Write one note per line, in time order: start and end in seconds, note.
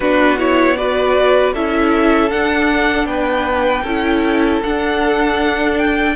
0.00 1.52 B3
0.00 0.37 D4
0.00 0.75 F#4
0.00 0.37 B4
0.37 0.76 E4
0.37 0.76 C#5
0.76 1.54 F#4
0.76 1.54 B4
0.76 1.53 D5
1.54 2.32 C#4
1.54 2.30 E4
1.54 3.07 A4
1.54 2.30 E5
2.30 3.84 D4
2.30 3.05 D4
2.30 3.06 F#5
3.05 3.82 B3
3.05 3.83 B4
3.05 4.60 G5
3.83 4.60 C#4
3.83 4.64 E4
3.83 6.13 A4
4.63 6.16 D4
4.63 5.78 F#5
5.78 6.16 G5